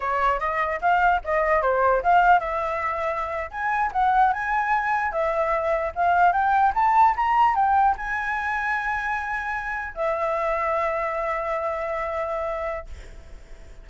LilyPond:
\new Staff \with { instrumentName = "flute" } { \time 4/4 \tempo 4 = 149 cis''4 dis''4 f''4 dis''4 | c''4 f''4 e''2~ | e''8. gis''4 fis''4 gis''4~ gis''16~ | gis''8. e''2 f''4 g''16~ |
g''8. a''4 ais''4 g''4 gis''16~ | gis''1~ | gis''8. e''2.~ e''16~ | e''1 | }